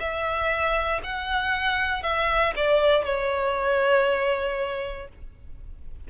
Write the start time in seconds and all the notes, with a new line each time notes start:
0.00 E5
1.04 F#5
2.03 E5
2.56 D5
3.05 C#5